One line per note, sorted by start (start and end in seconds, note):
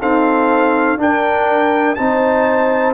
0.00 0.98 C4
0.00 0.98 D#4
0.00 0.98 A4
0.00 1.00 F5
0.98 1.97 D4
0.98 1.98 A#4
0.98 1.95 G5
1.95 2.94 C4
1.95 2.94 D#4
1.95 2.94 C5
1.95 2.94 A5